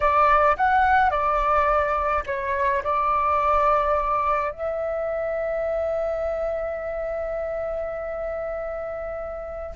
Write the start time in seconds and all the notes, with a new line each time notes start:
0.00 D5
0.56 F#5
1.10 D5
2.26 C#5
2.83 D5
4.51 E5